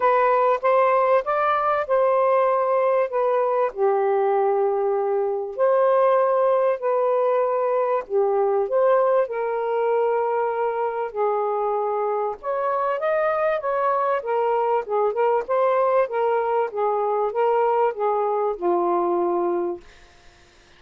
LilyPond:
\new Staff \with { instrumentName = "saxophone" } { \time 4/4 \tempo 4 = 97 b'4 c''4 d''4 c''4~ | c''4 b'4 g'2~ | g'4 c''2 b'4~ | b'4 g'4 c''4 ais'4~ |
ais'2 gis'2 | cis''4 dis''4 cis''4 ais'4 | gis'8 ais'8 c''4 ais'4 gis'4 | ais'4 gis'4 f'2 | }